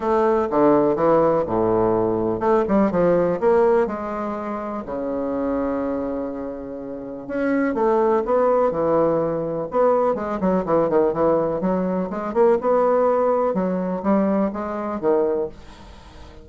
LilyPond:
\new Staff \with { instrumentName = "bassoon" } { \time 4/4 \tempo 4 = 124 a4 d4 e4 a,4~ | a,4 a8 g8 f4 ais4 | gis2 cis2~ | cis2. cis'4 |
a4 b4 e2 | b4 gis8 fis8 e8 dis8 e4 | fis4 gis8 ais8 b2 | fis4 g4 gis4 dis4 | }